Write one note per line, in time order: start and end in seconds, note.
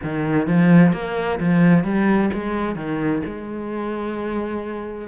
0.03 0.47 D#3
0.47 0.93 F3
0.93 1.39 A#3
1.39 1.84 F3
1.84 2.30 G3
2.33 2.75 G#3
2.75 3.22 D#3
3.25 5.08 G#3